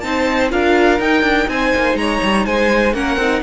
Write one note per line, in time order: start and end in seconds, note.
0.00 0.52 C4
0.00 0.50 D#4
0.00 0.49 A5
0.06 0.52 C5
0.50 1.00 D4
0.50 0.99 F4
0.50 1.50 A#4
0.50 1.00 F5
1.00 1.23 D#4
1.00 2.94 D#4
1.00 1.49 G5
1.23 1.47 D4
1.48 1.72 C4
1.48 1.99 C5
1.48 1.97 G#5
1.76 1.95 A#3
1.95 2.19 G#3
1.95 2.46 C#5
1.95 2.46 A#5
2.23 2.46 G3
2.46 2.94 G#3
2.46 2.95 C5
2.46 2.94 G#5
2.94 3.17 A#3
2.94 3.18 C#4
2.94 3.43 A#4
2.94 3.43 F#5
3.17 3.41 C4
3.17 3.43 D#4